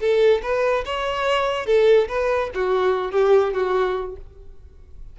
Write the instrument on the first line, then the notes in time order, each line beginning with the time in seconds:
violin
0.00 A4
0.43 B4
0.85 C#5
1.66 A4
2.09 B4
2.54 F#4
3.12 G4
3.54 F#4